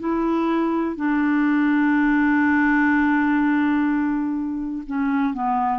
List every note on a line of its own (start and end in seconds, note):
0.00 0.97 E4
0.97 4.84 D4
4.87 5.34 C#4
5.34 5.80 B3